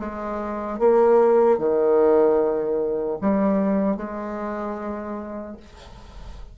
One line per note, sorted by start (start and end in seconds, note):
0.00 0.80 G#3
0.80 1.59 A#3
1.59 3.19 D#3
3.21 3.97 G3
3.97 5.57 G#3